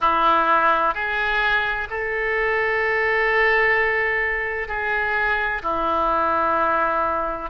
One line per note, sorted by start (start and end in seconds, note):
0.00 0.94 E4
0.94 1.87 G#4
1.90 4.68 A4
4.68 5.62 G#4
5.62 7.50 E4